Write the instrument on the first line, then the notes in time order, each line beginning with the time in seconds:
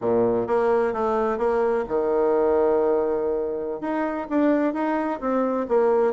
bassoon
0.01 A#2
0.47 A#3
0.93 A3
1.38 A#3
1.88 D#3
3.81 D#4
4.29 D4
4.73 D#4
5.20 C4
5.68 A#3